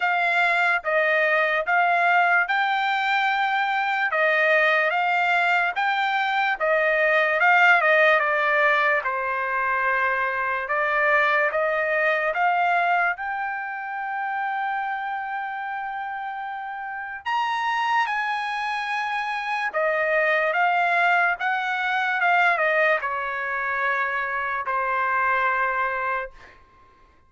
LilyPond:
\new Staff \with { instrumentName = "trumpet" } { \time 4/4 \tempo 4 = 73 f''4 dis''4 f''4 g''4~ | g''4 dis''4 f''4 g''4 | dis''4 f''8 dis''8 d''4 c''4~ | c''4 d''4 dis''4 f''4 |
g''1~ | g''4 ais''4 gis''2 | dis''4 f''4 fis''4 f''8 dis''8 | cis''2 c''2 | }